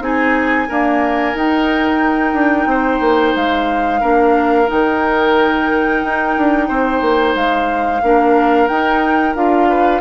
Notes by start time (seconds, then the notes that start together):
0.00 C4 D#4 G#4 G#5
0.68 A#3 D4 A#4
1.34 D#4 G5
2.33 D4
2.66 C4 C5
3.00 A#3
3.36 G#3 F5
4.00 A#3 D4 A#4
4.66 D#3 D#4 G5
6.03 D#4
6.37 D4
6.68 C4 C5
7.01 A#3
7.35 G#3 F5
8.02 A#3 D4 A#4
8.67 D#4 G5
9.35 D4 F4 F5
9.69 B4